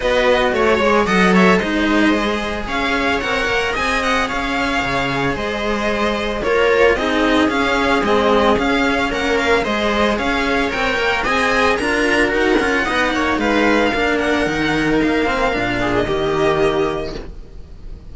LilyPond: <<
  \new Staff \with { instrumentName = "violin" } { \time 4/4 \tempo 4 = 112 dis''4 cis''4 fis''8 e''8 dis''4~ | dis''4 f''4 fis''4 gis''8 fis''8 | f''2 dis''2 | cis''4 dis''4 f''4 dis''4 |
f''4 fis''8 f''8 dis''4 f''4 | g''4 gis''4 ais''4 fis''4~ | fis''4 f''4. fis''4. | f''4.~ f''16 dis''2~ dis''16 | }
  \new Staff \with { instrumentName = "viola" } { \time 4/4 b'4 cis''4 dis''8 cis''8 c''4~ | c''4 cis''2 dis''4 | cis''2 c''2 | ais'4 gis'2.~ |
gis'4 ais'4 c''4 cis''4~ | cis''4 dis''4 ais'2 | dis''8 cis''8 b'4 ais'2~ | ais'4. gis'8 g'2 | }
  \new Staff \with { instrumentName = "cello" } { \time 4/4 fis'4. gis'8 a'4 dis'4 | gis'2 ais'4 gis'4~ | gis'1 | f'4 dis'4 cis'4 c'4 |
cis'2 gis'2 | ais'4 gis'4 f'4 fis'8 f'8 | dis'2 d'4 dis'4~ | dis'8 c'8 d'4 ais2 | }
  \new Staff \with { instrumentName = "cello" } { \time 4/4 b4 a8 gis8 fis4 gis4~ | gis4 cis'4 c'8 ais8 c'4 | cis'4 cis4 gis2 | ais4 c'4 cis'4 gis4 |
cis'4 ais4 gis4 cis'4 | c'8 ais8 c'4 d'4 dis'8 cis'8 | b8 ais8 gis4 ais4 dis4 | ais4 ais,4 dis2 | }
>>